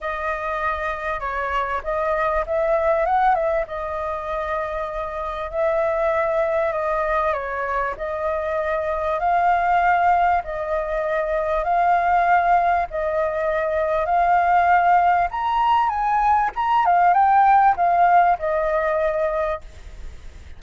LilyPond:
\new Staff \with { instrumentName = "flute" } { \time 4/4 \tempo 4 = 98 dis''2 cis''4 dis''4 | e''4 fis''8 e''8 dis''2~ | dis''4 e''2 dis''4 | cis''4 dis''2 f''4~ |
f''4 dis''2 f''4~ | f''4 dis''2 f''4~ | f''4 ais''4 gis''4 ais''8 f''8 | g''4 f''4 dis''2 | }